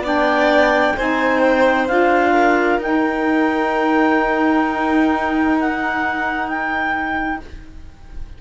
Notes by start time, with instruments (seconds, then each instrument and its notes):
0.00 cello B3, saxophone D4, violin D5, clarinet G5
0.96 cello C4, saxophone D#4, violin C5, clarinet G#5
1.39 clarinet G5
1.87 cello D4, saxophone F4, clarinet F5
2.32 violin A#4
2.78 cello D#4, saxophone D#4, clarinet G5
5.60 clarinet F#5
6.47 clarinet G5